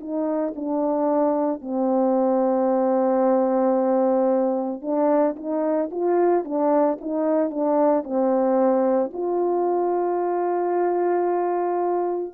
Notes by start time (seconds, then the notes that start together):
0.00 D#4
0.56 D4
1.61 C4
4.81 D4
5.36 D#4
5.91 F4
6.44 D4
7.00 D#4
7.50 D4
8.04 C4
9.13 F4